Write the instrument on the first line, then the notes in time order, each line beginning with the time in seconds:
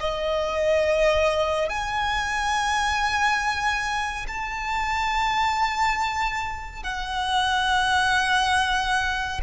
violin
0.00 D#5
1.69 G#5
4.27 A5
6.83 F#5